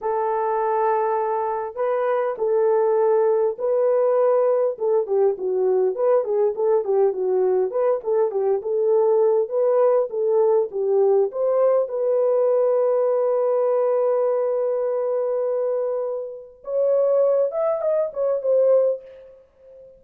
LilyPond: \new Staff \with { instrumentName = "horn" } { \time 4/4 \tempo 4 = 101 a'2. b'4 | a'2 b'2 | a'8 g'8 fis'4 b'8 gis'8 a'8 g'8 | fis'4 b'8 a'8 g'8 a'4. |
b'4 a'4 g'4 c''4 | b'1~ | b'1 | cis''4. e''8 dis''8 cis''8 c''4 | }